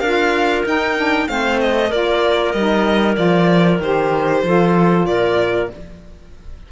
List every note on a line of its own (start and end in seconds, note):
0.00 0.64 D4
0.00 0.66 F4
0.00 1.27 A#4
0.00 0.63 F5
0.66 1.29 D#4
0.66 0.97 D#4
0.66 1.28 G5
0.97 1.27 D4
1.27 1.92 A3
1.27 1.90 C4
1.27 1.89 C5
1.27 1.60 F5
1.61 1.92 D#5
1.89 2.54 A#3
1.89 2.54 F4
1.89 4.42 A#4
1.89 2.52 D5
2.52 3.17 G3
2.52 3.16 D#4
2.52 3.16 D#5
3.16 3.79 F3
3.16 3.79 F4
3.16 3.80 D5
3.79 4.42 D#3
3.79 4.46 G4
3.79 5.06 C5
4.44 5.06 F3
4.44 5.72 F4
4.44 5.08 A4
5.06 5.69 A#2
5.06 5.71 A#4
5.06 5.69 D5